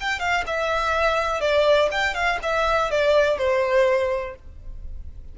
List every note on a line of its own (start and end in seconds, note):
0.00 0.19 G5
0.19 0.43 F5
0.46 1.40 E5
1.40 1.89 D5
1.91 2.14 G5
2.14 2.38 F5
2.42 2.90 E5
2.90 3.38 D5
3.38 4.35 C5